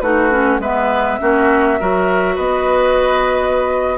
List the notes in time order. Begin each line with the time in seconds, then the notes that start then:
0.00 A3 D#4 F#4 B4
0.31 C#4
0.60 G#3 B3 B4 E5
1.20 A#3 C#4 F#4
1.80 F#3 F#4 A#4
2.35 B3 B4 D#5